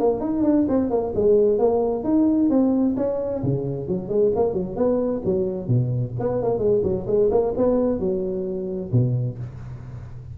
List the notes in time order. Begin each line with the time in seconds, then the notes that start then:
0.00 A#3
0.21 D#4
0.44 D4
0.69 C4
0.91 A#3
1.15 G#3
1.59 A#3
2.04 D#4
2.50 C4
2.97 C#4
3.44 C#3
3.88 F#3
4.09 G#3
4.36 A#3
4.54 F#3
4.77 B3
5.25 F#3
5.68 B2
6.20 B3
6.43 A#3
6.59 G#3
6.83 F#3
7.07 G#3
7.31 A#3
7.57 B3
8.00 F#3
8.93 B2